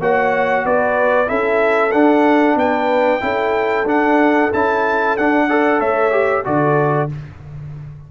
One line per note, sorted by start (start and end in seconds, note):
0.00 0.65 A#3
0.00 1.26 F#4
0.00 0.65 C#5
0.00 0.66 F#5
0.65 1.30 B3
0.65 1.29 B4
0.65 1.29 D5
1.26 1.94 C#4
1.26 1.91 E4
1.26 2.58 A4
1.26 1.92 E5
1.92 3.21 D4
1.92 2.56 D4
1.92 2.57 F#5
2.56 3.20 B3
2.56 3.23 B4
2.56 3.88 G5
3.21 3.85 C#4
3.21 3.85 E4
3.21 5.48 A4
3.85 4.49 D4
3.85 4.51 D4
3.85 4.53 F#5
4.53 5.18 C#4
4.53 5.18 E4
4.53 5.17 A5
5.17 5.80 D4
5.17 5.49 D4
5.17 5.81 F#5
5.48 6.11 A4
5.48 5.80 D5
5.80 6.45 A3
5.80 6.44 C#5
5.80 6.45 E5
6.11 6.43 G4
6.45 7.11 D3
6.45 7.09 F#4
6.45 7.10 A4
6.45 7.10 D5